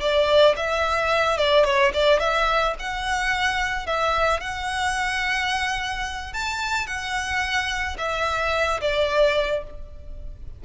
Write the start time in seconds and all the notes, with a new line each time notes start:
0.00 D5
0.56 E5
1.37 D5
1.64 C#5
1.93 D5
2.19 E5
2.79 F#5
3.86 E5
4.40 F#5
6.33 A5
6.86 F#5
7.97 E5
8.80 D5